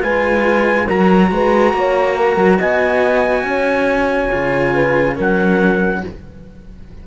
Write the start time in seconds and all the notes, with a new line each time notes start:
0.00 G#3 F4 B4 G#5
0.87 F#3 F#4 A#4 A#5
1.31 G#3 B4
1.74 A#3 C#5
2.16 A#4
2.37 F#3
2.59 B3 D#5 G#5
3.44 C#4 C#5
4.32 C#3 F4
4.74 B4
5.16 F#3 C#4 A#4 F#5